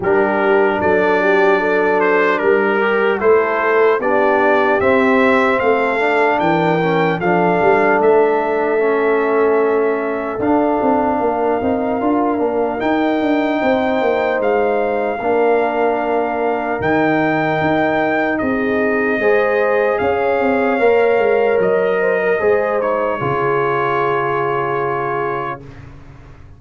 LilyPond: <<
  \new Staff \with { instrumentName = "trumpet" } { \time 4/4 \tempo 4 = 75 ais'4 d''4. c''8 ais'4 | c''4 d''4 e''4 f''4 | g''4 f''4 e''2~ | e''4 f''2. |
g''2 f''2~ | f''4 g''2 dis''4~ | dis''4 f''2 dis''4~ | dis''8 cis''2.~ cis''8 | }
  \new Staff \with { instrumentName = "horn" } { \time 4/4 g'4 a'8 g'8 a'4 ais'4 | a'4 g'2 a'4 | ais'4 a'2.~ | a'2 ais'2~ |
ais'4 c''2 ais'4~ | ais'2. gis'4 | c''4 cis''2~ cis''8 c''16 ais'16 | c''4 gis'2. | }
  \new Staff \with { instrumentName = "trombone" } { \time 4/4 d'2.~ d'8 g'8 | e'4 d'4 c'4. d'8~ | d'8 cis'8 d'2 cis'4~ | cis'4 d'4. dis'8 f'8 d'8 |
dis'2. d'4~ | d'4 dis'2. | gis'2 ais'2 | gis'8 dis'8 f'2. | }
  \new Staff \with { instrumentName = "tuba" } { \time 4/4 g4 fis2 g4 | a4 b4 c'4 a4 | e4 f8 g8 a2~ | a4 d'8 c'8 ais8 c'8 d'8 ais8 |
dis'8 d'8 c'8 ais8 gis4 ais4~ | ais4 dis4 dis'4 c'4 | gis4 cis'8 c'8 ais8 gis8 fis4 | gis4 cis2. | }
>>